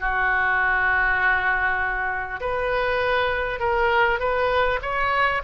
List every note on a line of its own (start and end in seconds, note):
0.00 2.40 F#4
2.41 3.59 B4
3.59 4.19 A#4
4.20 4.80 B4
4.82 5.42 C#5